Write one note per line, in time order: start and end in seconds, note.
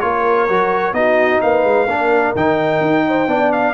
0.00 0.49 A#3
0.00 0.48 F4
0.00 0.95 A#4
0.00 0.93 C#5
0.48 0.92 F#3
0.48 0.94 F#4
0.92 1.39 B3
0.92 1.87 D#4
0.92 1.42 F#4
0.92 1.40 D#5
1.41 1.64 A#3
1.41 1.87 B4
1.41 2.35 F5
1.64 1.86 G#3
1.86 2.32 A#3
1.86 2.36 D4
1.86 3.04 A#4
2.35 2.80 D#3
2.35 3.28 D#4
2.35 3.52 G5
2.80 3.27 D#4
3.07 3.30 C5
3.27 3.74 B3
3.27 3.74 D4
3.27 3.74 D5
3.52 3.74 F5